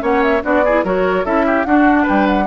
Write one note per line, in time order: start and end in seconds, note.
0.00 0.42 A#3
0.00 0.41 C#4
0.00 0.43 C#5
0.00 0.23 F#5
0.23 0.43 E5
0.42 0.84 B3
0.42 0.63 D4
0.42 0.64 F#4
0.42 0.85 D5
0.64 0.85 E4
0.64 0.84 G#4
0.84 1.25 F#3
0.84 1.24 F#4
0.84 1.25 A#4
0.84 1.26 C#5
1.24 1.65 C#4
1.24 1.65 E4
1.24 1.46 A4
1.24 1.64 E5
1.46 1.66 G4
1.64 2.06 D4
1.64 2.46 D4
1.64 2.03 F#4
1.64 2.05 F#5
2.03 2.43 B4
2.03 2.27 G5
2.09 2.46 G3
2.27 2.46 F#5